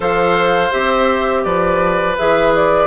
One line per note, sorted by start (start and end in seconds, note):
0.00 0.71 F3
0.00 0.71 A4
0.00 1.42 C5
0.00 0.72 F5
0.71 1.45 C4
0.71 2.15 G4
0.71 1.44 E5
1.44 2.17 F3
1.44 2.86 B4
1.44 2.16 D5
2.18 2.86 E3
2.18 2.86 G#4
2.18 2.54 E5
2.55 2.86 D5